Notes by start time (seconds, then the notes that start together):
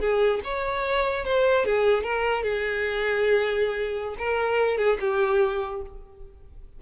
0.00 G#4
0.44 C#5
1.25 C5
1.65 G#4
2.03 A#4
2.43 G#4
4.19 A#4
4.78 G#4
5.00 G4